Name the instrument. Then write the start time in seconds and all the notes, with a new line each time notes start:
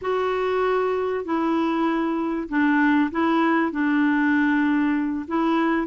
clarinet
0.01 F#4
1.25 E4
2.48 D4
3.11 E4
3.71 D4
5.27 E4